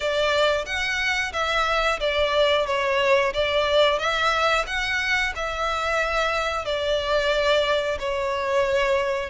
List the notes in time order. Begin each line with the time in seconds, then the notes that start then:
0.00 D5
0.65 F#5
1.32 E5
1.99 D5
2.66 C#5
3.33 D5
3.98 E5
4.66 F#5
5.35 E5
6.65 D5
7.98 C#5